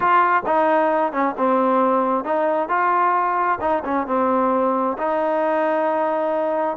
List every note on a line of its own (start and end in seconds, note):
0.00 0.42 F4
0.46 1.12 D#4
1.12 1.35 C#4
1.37 2.24 C4
2.24 2.68 D#4
2.68 3.58 F4
3.60 3.83 D#4
3.84 4.06 C#4
4.06 4.97 C4
4.98 6.77 D#4